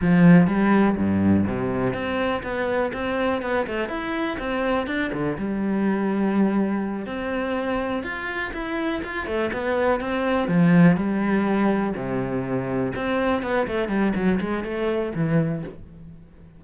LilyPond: \new Staff \with { instrumentName = "cello" } { \time 4/4 \tempo 4 = 123 f4 g4 g,4 c4 | c'4 b4 c'4 b8 a8 | e'4 c'4 d'8 d8 g4~ | g2~ g8 c'4.~ |
c'8 f'4 e'4 f'8 a8 b8~ | b8 c'4 f4 g4.~ | g8 c2 c'4 b8 | a8 g8 fis8 gis8 a4 e4 | }